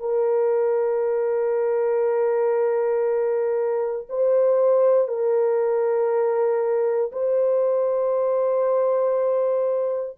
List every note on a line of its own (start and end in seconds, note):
0.00 4.07 A#4
4.09 5.08 C5
5.08 7.11 A#4
7.12 10.17 C5